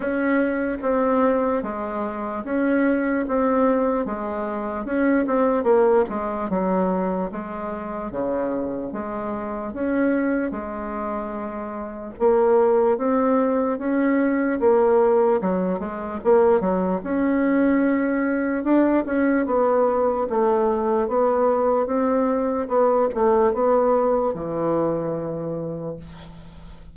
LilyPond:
\new Staff \with { instrumentName = "bassoon" } { \time 4/4 \tempo 4 = 74 cis'4 c'4 gis4 cis'4 | c'4 gis4 cis'8 c'8 ais8 gis8 | fis4 gis4 cis4 gis4 | cis'4 gis2 ais4 |
c'4 cis'4 ais4 fis8 gis8 | ais8 fis8 cis'2 d'8 cis'8 | b4 a4 b4 c'4 | b8 a8 b4 e2 | }